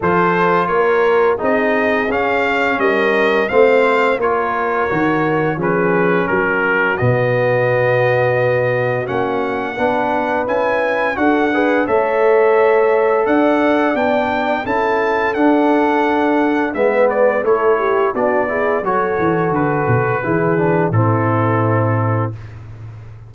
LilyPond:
<<
  \new Staff \with { instrumentName = "trumpet" } { \time 4/4 \tempo 4 = 86 c''4 cis''4 dis''4 f''4 | dis''4 f''4 cis''2 | b'4 ais'4 dis''2~ | dis''4 fis''2 gis''4 |
fis''4 e''2 fis''4 | g''4 a''4 fis''2 | e''8 d''8 cis''4 d''4 cis''4 | b'2 a'2 | }
  \new Staff \with { instrumentName = "horn" } { \time 4/4 a'4 ais'4 gis'2 | ais'4 c''4 ais'2 | gis'4 fis'2.~ | fis'2 b'2 |
a'8 b'8 cis''2 d''4~ | d''4 a'2. | b'4 a'8 g'8 fis'8 gis'8 a'4~ | a'4 gis'4 e'2 | }
  \new Staff \with { instrumentName = "trombone" } { \time 4/4 f'2 dis'4 cis'4~ | cis'4 c'4 f'4 fis'4 | cis'2 b2~ | b4 cis'4 d'4 e'4 |
fis'8 gis'8 a'2. | d'4 e'4 d'2 | b4 e'4 d'8 e'8 fis'4~ | fis'4 e'8 d'8 c'2 | }
  \new Staff \with { instrumentName = "tuba" } { \time 4/4 f4 ais4 c'4 cis'4 | g4 a4 ais4 dis4 | f4 fis4 b,2~ | b,4 ais4 b4 cis'4 |
d'4 a2 d'4 | b4 cis'4 d'2 | gis4 a4 b4 fis8 e8 | d8 b,8 e4 a,2 | }
>>